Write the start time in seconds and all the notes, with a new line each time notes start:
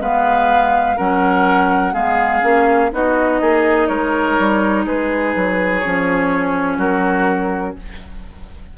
0.00 G#3 B3 B4 F5
0.97 F#3 C#4 A#4 F#5
1.93 G#3 B3 G#4 F5
2.42 A#3 C#4
2.92 B3 D#4 F#4 D#5
3.41 A#3 G#4
3.88 G#3 A#4 C#5
4.39 G3
4.86 G#3 G#4 B4
5.36 F#3
5.80 F3 C#4 C#5
6.78 F#3 F#4 A#4